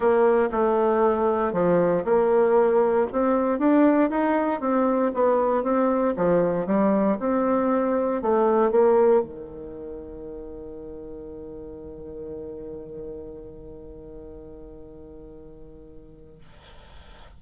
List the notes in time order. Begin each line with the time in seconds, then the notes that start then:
0.00 A#3
0.51 A3
1.52 F3
2.04 A#3
3.12 C4
3.58 D4
4.09 D#4
4.60 C4
5.14 B3
5.63 C4
6.16 F3
6.66 G3
7.19 C4
8.22 A3
8.71 A#3
9.22 D#3